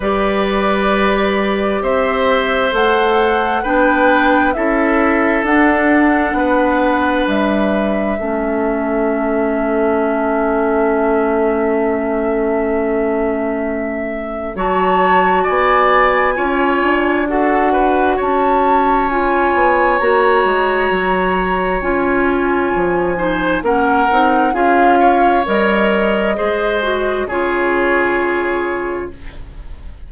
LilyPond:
<<
  \new Staff \with { instrumentName = "flute" } { \time 4/4 \tempo 4 = 66 d''2 e''4 fis''4 | g''4 e''4 fis''2 | e''1~ | e''1 |
a''4 gis''2 fis''4 | a''4 gis''4 ais''2 | gis''2 fis''4 f''4 | dis''2 cis''2 | }
  \new Staff \with { instrumentName = "oboe" } { \time 4/4 b'2 c''2 | b'4 a'2 b'4~ | b'4 a'2.~ | a'1 |
cis''4 d''4 cis''4 a'8 b'8 | cis''1~ | cis''4. c''8 ais'4 gis'8 cis''8~ | cis''4 c''4 gis'2 | }
  \new Staff \with { instrumentName = "clarinet" } { \time 4/4 g'2. a'4 | d'4 e'4 d'2~ | d'4 cis'2.~ | cis'1 |
fis'2 f'4 fis'4~ | fis'4 f'4 fis'2 | f'4. dis'8 cis'8 dis'8 f'4 | ais'4 gis'8 fis'8 f'2 | }
  \new Staff \with { instrumentName = "bassoon" } { \time 4/4 g2 c'4 a4 | b4 cis'4 d'4 b4 | g4 a2.~ | a1 |
fis4 b4 cis'8 d'4. | cis'4. b8 ais8 gis8 fis4 | cis'4 f4 ais8 c'8 cis'4 | g4 gis4 cis2 | }
>>